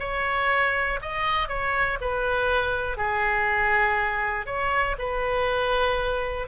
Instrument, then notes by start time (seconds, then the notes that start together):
oboe
0.00 C#5
1.02 D#5
1.49 C#5
2.01 B4
2.97 G#4
4.47 C#5
4.99 B4